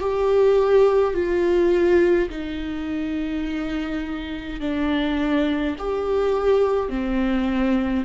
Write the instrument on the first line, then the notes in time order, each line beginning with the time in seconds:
viola
0.00 G4
1.14 F4
2.30 D#4
4.60 D4
5.79 G4
6.90 C4